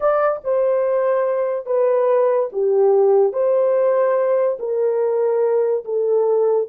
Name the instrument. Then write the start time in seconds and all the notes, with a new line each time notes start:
horn
0.00 D5
0.44 C5
1.66 B4
2.52 G4
3.32 C5
4.59 A#4
5.84 A4